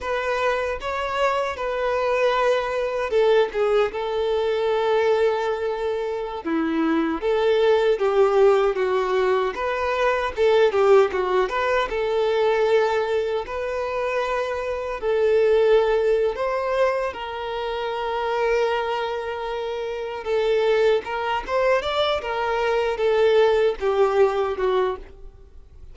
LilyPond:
\new Staff \with { instrumentName = "violin" } { \time 4/4 \tempo 4 = 77 b'4 cis''4 b'2 | a'8 gis'8 a'2.~ | a'16 e'4 a'4 g'4 fis'8.~ | fis'16 b'4 a'8 g'8 fis'8 b'8 a'8.~ |
a'4~ a'16 b'2 a'8.~ | a'4 c''4 ais'2~ | ais'2 a'4 ais'8 c''8 | d''8 ais'4 a'4 g'4 fis'8 | }